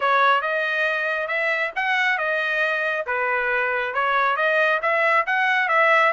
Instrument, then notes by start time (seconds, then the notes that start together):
trumpet
0.00 C#5
0.41 D#5
1.27 E5
1.75 F#5
2.18 D#5
3.06 B4
3.93 C#5
4.36 D#5
4.82 E5
5.26 F#5
5.68 E5